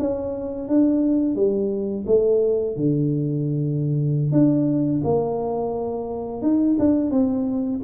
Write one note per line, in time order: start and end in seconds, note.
0.00 0.68 C#4
0.68 1.36 D4
1.36 2.05 G3
2.07 2.77 A3
2.77 4.32 D3
4.32 5.02 D4
5.04 6.42 A#3
6.42 6.77 D#4
6.80 7.11 D4
7.11 7.81 C4